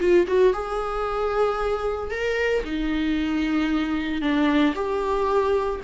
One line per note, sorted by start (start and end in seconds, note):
0.00 0.26 F4
0.27 0.53 F#4
0.53 2.11 G#4
2.11 2.64 A#4
2.64 4.22 D#4
4.22 4.74 D4
4.75 5.81 G4